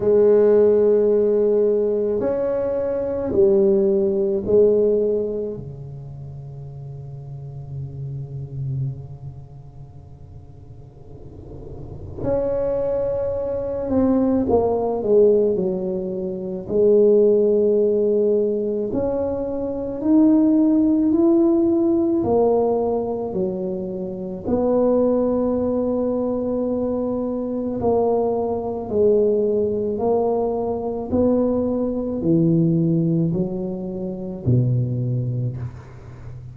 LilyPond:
\new Staff \with { instrumentName = "tuba" } { \time 4/4 \tempo 4 = 54 gis2 cis'4 g4 | gis4 cis2.~ | cis2. cis'4~ | cis'8 c'8 ais8 gis8 fis4 gis4~ |
gis4 cis'4 dis'4 e'4 | ais4 fis4 b2~ | b4 ais4 gis4 ais4 | b4 e4 fis4 b,4 | }